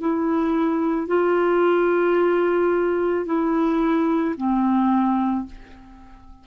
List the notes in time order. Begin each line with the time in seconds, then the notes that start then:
0.00 E4
1.08 F4
3.26 E4
4.37 C4